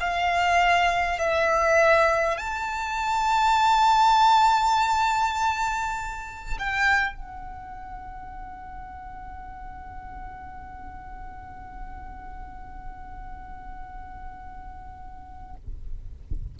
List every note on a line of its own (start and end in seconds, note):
0.00 1.18 F5
1.18 2.38 E5
2.38 6.58 A5
6.58 7.15 G5
7.15 15.55 F#5